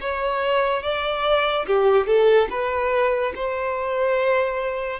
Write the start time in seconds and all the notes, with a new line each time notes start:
0.00 C#5
0.82 D5
1.66 G4
2.06 A4
2.50 B4
3.35 C5